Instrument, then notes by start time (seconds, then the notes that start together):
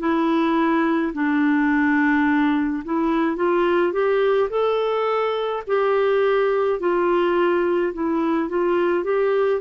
clarinet
0.00 E4
1.14 D4
2.85 E4
3.37 F4
3.93 G4
4.50 A4
5.68 G4
6.80 F4
7.94 E4
8.50 F4
9.05 G4